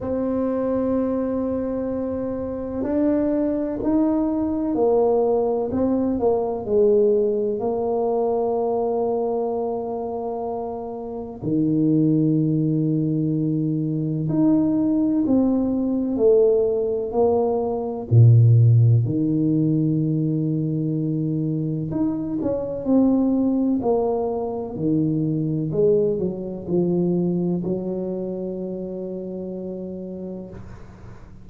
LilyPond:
\new Staff \with { instrumentName = "tuba" } { \time 4/4 \tempo 4 = 63 c'2. d'4 | dis'4 ais4 c'8 ais8 gis4 | ais1 | dis2. dis'4 |
c'4 a4 ais4 ais,4 | dis2. dis'8 cis'8 | c'4 ais4 dis4 gis8 fis8 | f4 fis2. | }